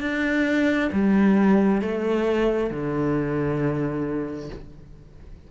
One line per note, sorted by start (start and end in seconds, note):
0.00 0.90 D4
0.92 1.81 G3
1.81 2.70 A3
2.70 4.49 D3